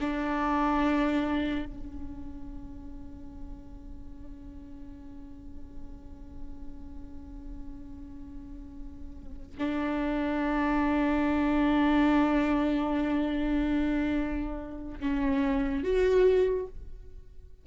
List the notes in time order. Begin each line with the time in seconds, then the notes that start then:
0.00 D4
1.65 C#4
9.58 D4
15.00 C#4
15.83 F#4